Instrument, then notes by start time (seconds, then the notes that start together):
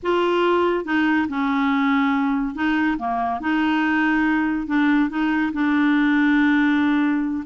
clarinet
0.02 F4
0.85 D#4
1.28 C#4
2.54 D#4
2.98 A#3
3.40 D#4
4.67 D4
5.09 D#4
5.52 D4